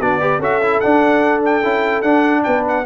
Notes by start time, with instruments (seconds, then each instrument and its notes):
0.00 tuba B3, trombone D4, horn F#4, trumpet D5
0.21 trombone G4, horn B4
0.39 tuba C#4, trombone F#4, horn A4, trumpet E5
0.63 trombone E4
0.80 trombone D4, tuba D4, trumpet F#5
1.45 trumpet G5
1.63 tuba C#4, trombone E4
2.02 tuba D4, trombone D4, trumpet F#5
2.44 tuba B3, horn B4, trumpet G5
2.68 trumpet F#5